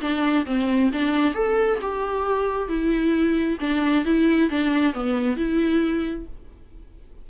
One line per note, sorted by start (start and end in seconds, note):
0.00 0.45 D4
0.45 0.90 C4
0.92 1.34 D4
1.34 1.79 A4
1.81 2.68 G4
2.68 3.58 E4
3.60 4.04 D4
4.05 4.49 E4
4.50 4.93 D4
4.93 5.36 B3
5.36 6.26 E4